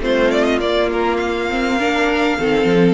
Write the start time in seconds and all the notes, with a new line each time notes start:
0.00 A3 C4 F4 C5
0.31 D5
0.44 D#5
0.59 A#3 D5
0.90 A#4
1.17 F5
1.49 C4
1.78 D4 A#4
2.38 D#3 C4 A4
2.65 F3